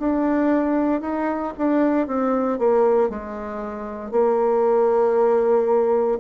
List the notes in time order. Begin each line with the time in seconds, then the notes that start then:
0.00 D4
1.02 D#4
1.58 D4
2.07 C4
2.59 A#3
3.10 G#3
4.12 A#3